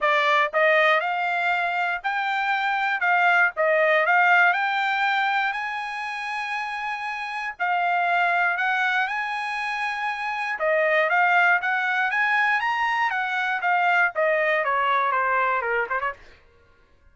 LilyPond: \new Staff \with { instrumentName = "trumpet" } { \time 4/4 \tempo 4 = 119 d''4 dis''4 f''2 | g''2 f''4 dis''4 | f''4 g''2 gis''4~ | gis''2. f''4~ |
f''4 fis''4 gis''2~ | gis''4 dis''4 f''4 fis''4 | gis''4 ais''4 fis''4 f''4 | dis''4 cis''4 c''4 ais'8 c''16 cis''16 | }